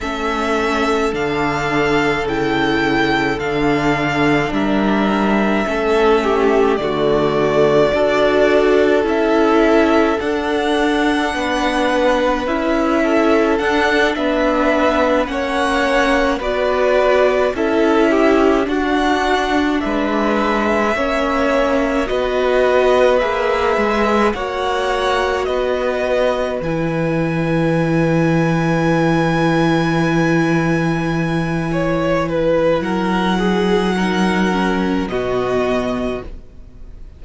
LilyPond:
<<
  \new Staff \with { instrumentName = "violin" } { \time 4/4 \tempo 4 = 53 e''4 f''4 g''4 f''4 | e''2 d''2 | e''4 fis''2 e''4 | fis''8 e''4 fis''4 d''4 e''8~ |
e''8 fis''4 e''2 dis''8~ | dis''8 e''4 fis''4 dis''4 gis''8~ | gis''1~ | gis''4 fis''2 dis''4 | }
  \new Staff \with { instrumentName = "violin" } { \time 4/4 a'1 | ais'4 a'8 g'8 fis'4 a'4~ | a'2 b'4. a'8~ | a'8 b'4 cis''4 b'4 a'8 |
g'8 fis'4 b'4 cis''4 b'8~ | b'4. cis''4 b'4.~ | b'1 | cis''8 b'8 ais'8 gis'8 ais'4 fis'4 | }
  \new Staff \with { instrumentName = "viola" } { \time 4/4 cis'4 d'4 e'4 d'4~ | d'4 cis'4 a4 fis'4 | e'4 d'2 e'4 | d'4. cis'4 fis'4 e'8~ |
e'8 d'2 cis'4 fis'8~ | fis'8 gis'4 fis'2 e'8~ | e'1~ | e'2 dis'8 cis'8 b4 | }
  \new Staff \with { instrumentName = "cello" } { \time 4/4 a4 d4 cis4 d4 | g4 a4 d4 d'4 | cis'4 d'4 b4 cis'4 | d'8 b4 ais4 b4 cis'8~ |
cis'8 d'4 gis4 ais4 b8~ | b8 ais8 gis8 ais4 b4 e8~ | e1~ | e4 fis2 b,4 | }
>>